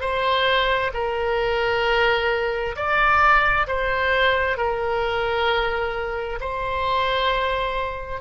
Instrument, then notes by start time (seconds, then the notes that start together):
oboe
0.00 C5
0.93 A#4
2.76 D5
3.67 C5
4.57 A#4
6.40 C5